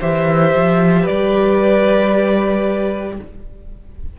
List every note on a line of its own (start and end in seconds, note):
0.00 0.55 E3
0.00 3.16 G4
0.00 1.02 C5
0.00 1.06 E5
0.55 1.08 F3
1.02 3.13 B4
1.02 3.17 D5
1.09 3.19 G3